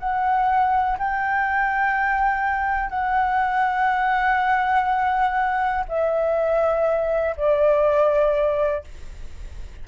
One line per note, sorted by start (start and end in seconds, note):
0.00 0.98 F#5
0.99 2.90 G5
2.90 5.85 F#5
5.89 7.36 E5
7.37 8.84 D5